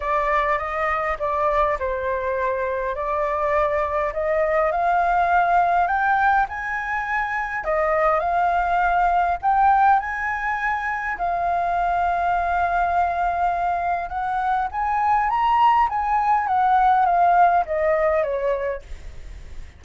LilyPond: \new Staff \with { instrumentName = "flute" } { \time 4/4 \tempo 4 = 102 d''4 dis''4 d''4 c''4~ | c''4 d''2 dis''4 | f''2 g''4 gis''4~ | gis''4 dis''4 f''2 |
g''4 gis''2 f''4~ | f''1 | fis''4 gis''4 ais''4 gis''4 | fis''4 f''4 dis''4 cis''4 | }